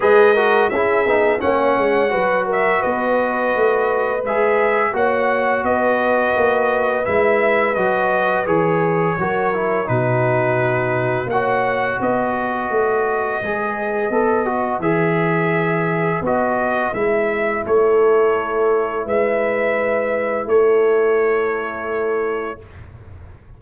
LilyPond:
<<
  \new Staff \with { instrumentName = "trumpet" } { \time 4/4 \tempo 4 = 85 dis''4 e''4 fis''4. e''8 | dis''2 e''4 fis''4 | dis''2 e''4 dis''4 | cis''2 b'2 |
fis''4 dis''2.~ | dis''4 e''2 dis''4 | e''4 cis''2 e''4~ | e''4 cis''2. | }
  \new Staff \with { instrumentName = "horn" } { \time 4/4 b'8 ais'8 gis'4 cis''4 b'8 ais'8 | b'2. cis''4 | b'1~ | b'4 ais'4 fis'2 |
cis''4 b'2.~ | b'1~ | b'4 a'2 b'4~ | b'4 a'2. | }
  \new Staff \with { instrumentName = "trombone" } { \time 4/4 gis'8 fis'8 e'8 dis'8 cis'4 fis'4~ | fis'2 gis'4 fis'4~ | fis'2 e'4 fis'4 | gis'4 fis'8 e'8 dis'2 |
fis'2. gis'4 | a'8 fis'8 gis'2 fis'4 | e'1~ | e'1 | }
  \new Staff \with { instrumentName = "tuba" } { \time 4/4 gis4 cis'8 b8 ais8 gis8 fis4 | b4 a4 gis4 ais4 | b4 ais4 gis4 fis4 | e4 fis4 b,2 |
ais4 b4 a4 gis4 | b4 e2 b4 | gis4 a2 gis4~ | gis4 a2. | }
>>